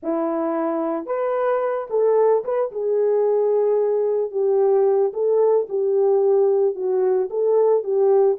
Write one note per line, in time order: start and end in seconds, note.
0.02 1.06 E4
1.06 1.87 B4
1.89 2.43 A4
2.44 2.71 B4
2.71 4.31 G#4
4.31 5.12 G4
5.13 5.67 A4
5.69 6.75 G4
6.75 7.29 F#4
7.30 7.83 A4
7.83 8.37 G4